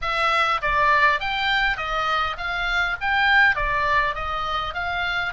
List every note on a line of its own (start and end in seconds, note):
0.01 0.61 E5
0.61 1.20 D5
1.20 1.77 G5
1.77 2.36 D#5
2.37 2.96 F5
3.00 3.55 G5
3.55 4.14 D5
4.14 4.74 D#5
4.74 5.33 F5